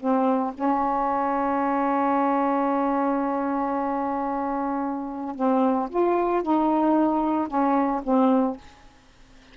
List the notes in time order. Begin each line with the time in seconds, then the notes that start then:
0.00 C4
0.54 C#4
5.36 C4
5.90 F4
6.43 D#4
7.48 C#4
8.04 C4